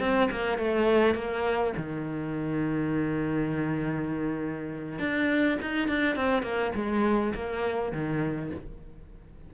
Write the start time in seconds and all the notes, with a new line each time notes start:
0.00 C4
0.31 A#3
0.58 A3
1.15 A#3
1.77 D#3
4.99 D4
5.62 D#4
5.88 D4
6.16 C4
6.43 A#3
6.75 G#3
7.34 A#3
7.93 D#3